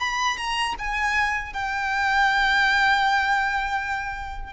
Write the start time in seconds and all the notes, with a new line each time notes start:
0.00 B5
0.38 A#5
0.79 G#5
1.53 G5